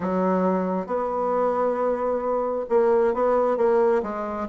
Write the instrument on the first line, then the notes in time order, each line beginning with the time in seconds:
bassoon
0.00 F#3
0.86 B3
2.69 A#3
3.14 B3
3.57 A#3
4.02 G#3